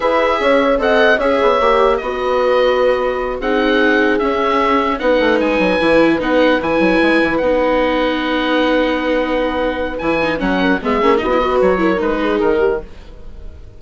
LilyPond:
<<
  \new Staff \with { instrumentName = "oboe" } { \time 4/4 \tempo 4 = 150 e''2 fis''4 e''4~ | e''4 dis''2.~ | dis''8 fis''2 e''4.~ | e''8 fis''4 gis''2 fis''8~ |
fis''8 gis''2 fis''4.~ | fis''1~ | fis''4 gis''4 fis''4 e''4 | dis''4 cis''4 b'4 ais'4 | }
  \new Staff \with { instrumentName = "horn" } { \time 4/4 b'4 cis''4 dis''4 cis''4~ | cis''4 b'2.~ | b'8 gis'2.~ gis'8~ | gis'8 b'2.~ b'8~ |
b'1~ | b'1~ | b'2~ b'8 ais'8 gis'4 | fis'8 b'4 ais'4 gis'4 g'8 | }
  \new Staff \with { instrumentName = "viola" } { \time 4/4 gis'2 a'4 gis'4 | g'4 fis'2.~ | fis'8 dis'2 cis'4.~ | cis'8 dis'2 e'4 dis'8~ |
dis'8 e'2 dis'4.~ | dis'1~ | dis'4 e'8 dis'8 cis'4 b8 cis'8 | dis'16 e'16 fis'4 e'8 dis'2 | }
  \new Staff \with { instrumentName = "bassoon" } { \time 4/4 e'4 cis'4 c'4 cis'8 b8 | ais4 b2.~ | b8 c'2 cis'4.~ | cis'8 b8 a8 gis8 fis8 e4 b8~ |
b8 e8 fis8 gis8 e8 b4.~ | b1~ | b4 e4 fis4 gis8 ais8 | b4 fis4 gis4 dis4 | }
>>